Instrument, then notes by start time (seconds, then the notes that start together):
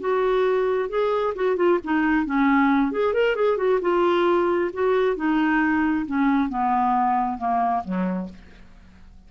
clarinet
0.00 F#4
0.89 G#4
1.35 F#4
1.57 F4
1.84 D#4
2.26 C#4
2.92 G#4
3.14 A#4
3.36 G#4
3.57 F#4
3.81 F4
4.73 F#4
5.16 D#4
6.06 C#4
6.49 B3
7.38 A#3
7.84 F#3